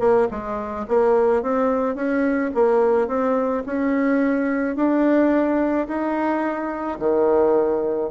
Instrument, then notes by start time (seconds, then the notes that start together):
bassoon
0.00 A#3
0.31 G#3
0.88 A#3
1.43 C4
1.95 C#4
2.55 A#3
3.08 C4
3.66 C#4
4.76 D4
5.88 D#4
6.99 D#3